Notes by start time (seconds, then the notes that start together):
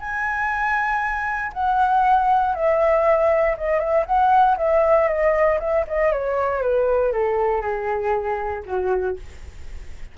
0.00 G#5
1.53 F#5
2.55 E5
3.58 D#5
3.80 E5
4.06 F#5
4.58 E5
5.08 D#5
5.60 E5
5.88 D#5
6.12 C#5
6.62 B4
7.13 A4
7.62 G#4
8.66 F#4